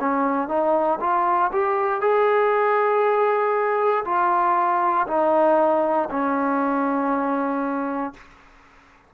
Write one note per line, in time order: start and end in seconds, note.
0.00 0.48 C#4
0.48 0.99 D#4
1.00 1.51 F4
1.52 2.01 G4
2.01 4.04 G#4
4.05 5.07 F4
5.08 6.09 D#4
6.11 8.14 C#4